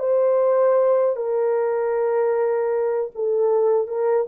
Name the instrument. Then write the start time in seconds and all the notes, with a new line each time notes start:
horn
0.00 C5
1.17 A#4
3.16 A4
3.88 A#4